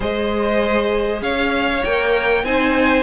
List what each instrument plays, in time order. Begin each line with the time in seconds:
0.00 cello G#3, viola G#4, violin C5 D#5
1.21 cello C#4, violin C#5 F5
1.84 cello A#3, viola A#4, violin G5
2.43 cello C4, viola D#4, violin C5 G#5